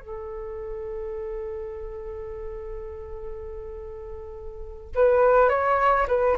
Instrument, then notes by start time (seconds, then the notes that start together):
flute
0.00 A4
4.95 B4
5.49 C#5
6.08 B4